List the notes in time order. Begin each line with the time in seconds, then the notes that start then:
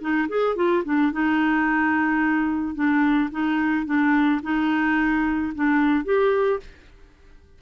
0.00 D#4
0.28 G#4
0.56 F4
0.84 D4
1.12 D#4
2.74 D4
3.31 D#4
3.86 D4
4.42 D#4
5.54 D4
6.05 G4